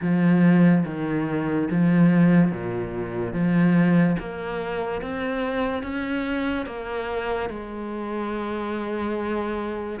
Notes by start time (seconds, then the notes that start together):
0.01 F3
0.85 D#3
1.70 F3
2.51 A#2
3.33 F3
4.19 A#3
5.02 C4
5.83 C#4
6.66 A#3
7.49 G#3